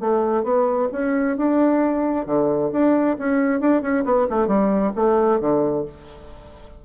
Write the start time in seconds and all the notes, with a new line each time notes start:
0.00 A3
0.43 B3
0.92 C#4
1.37 D4
2.26 D3
2.72 D4
3.18 C#4
3.60 D4
3.81 C#4
4.04 B3
4.29 A3
4.47 G3
4.95 A3
5.40 D3